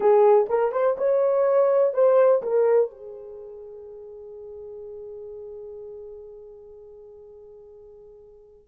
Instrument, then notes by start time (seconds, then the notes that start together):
horn
0.00 G#4
0.49 A#4
0.72 C5
0.97 C#5
1.93 C5
2.42 A#4
2.90 G#4